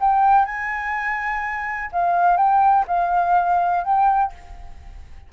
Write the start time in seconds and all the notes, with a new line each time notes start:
0.00 G5
0.45 G#5
1.92 F5
2.37 G5
2.87 F5
3.84 G5